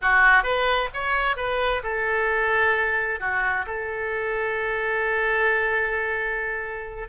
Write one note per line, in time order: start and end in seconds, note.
0.01 0.43 F#4
0.43 0.88 B4
0.93 1.36 C#5
1.36 1.82 B4
1.83 3.19 A4
3.19 3.65 F#4
3.66 7.08 A4